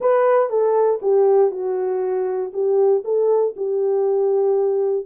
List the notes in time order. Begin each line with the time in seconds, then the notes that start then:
0.00 B4
0.49 A4
1.02 G4
1.51 F#4
2.53 G4
3.04 A4
3.56 G4